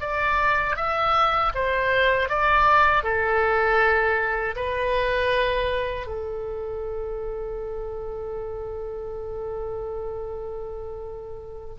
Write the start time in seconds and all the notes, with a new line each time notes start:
0.00 D5
0.76 E5
1.54 C5
2.29 D5
3.03 A4
4.55 B4
6.06 A4